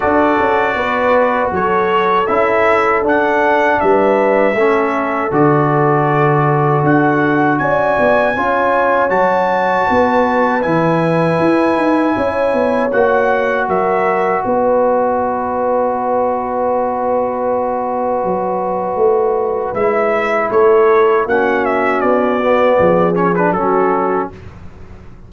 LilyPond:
<<
  \new Staff \with { instrumentName = "trumpet" } { \time 4/4 \tempo 4 = 79 d''2 cis''4 e''4 | fis''4 e''2 d''4~ | d''4 fis''4 gis''2 | a''2 gis''2~ |
gis''4 fis''4 e''4 dis''4~ | dis''1~ | dis''2 e''4 cis''4 | fis''8 e''8 d''4. cis''16 b'16 a'4 | }
  \new Staff \with { instrumentName = "horn" } { \time 4/4 a'4 b'4 a'2~ | a'4 b'4 a'2~ | a'2 d''4 cis''4~ | cis''4 b'2. |
cis''2 ais'4 b'4~ | b'1~ | b'2. a'4 | fis'2 gis'4 fis'4 | }
  \new Staff \with { instrumentName = "trombone" } { \time 4/4 fis'2. e'4 | d'2 cis'4 fis'4~ | fis'2. f'4 | fis'2 e'2~ |
e'4 fis'2.~ | fis'1~ | fis'2 e'2 | cis'4. b4 cis'16 d'16 cis'4 | }
  \new Staff \with { instrumentName = "tuba" } { \time 4/4 d'8 cis'8 b4 fis4 cis'4 | d'4 g4 a4 d4~ | d4 d'4 cis'8 b8 cis'4 | fis4 b4 e4 e'8 dis'8 |
cis'8 b8 ais4 fis4 b4~ | b1 | fis4 a4 gis4 a4 | ais4 b4 f4 fis4 | }
>>